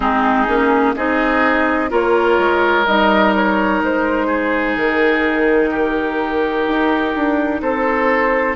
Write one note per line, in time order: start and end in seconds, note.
0.00 0.47 G#3
0.00 0.46 C4
0.00 0.95 D#4
0.00 0.94 G#4
0.47 0.95 A#3
0.47 0.95 C#4
0.95 1.91 C4
0.95 1.89 D#4
0.95 1.90 G#4
0.95 1.91 D#5
1.89 2.38 A#3
1.89 2.84 F4
1.89 4.26 A#4
1.89 2.86 C#5
2.38 2.86 G#3
2.86 3.82 G3
2.86 8.55 D#4
2.86 3.33 D#5
3.35 3.83 C#5
3.82 4.76 G#3
3.82 4.76 C5
4.26 5.69 G#4
4.76 6.67 D#3
4.76 7.61 A#4
5.70 7.61 G4
6.67 7.14 D#4
7.15 7.61 D4
7.61 8.55 C4
7.61 8.55 A4
7.61 8.55 C5